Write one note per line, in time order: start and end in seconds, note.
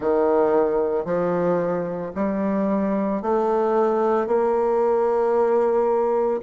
0.00 1.05 D#3
1.05 2.12 F3
2.15 3.21 G3
3.21 4.26 A3
4.26 6.40 A#3